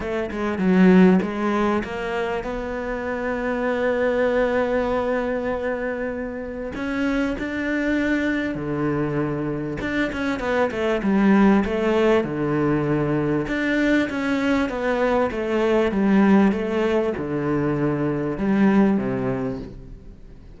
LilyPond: \new Staff \with { instrumentName = "cello" } { \time 4/4 \tempo 4 = 98 a8 gis8 fis4 gis4 ais4 | b1~ | b2. cis'4 | d'2 d2 |
d'8 cis'8 b8 a8 g4 a4 | d2 d'4 cis'4 | b4 a4 g4 a4 | d2 g4 c4 | }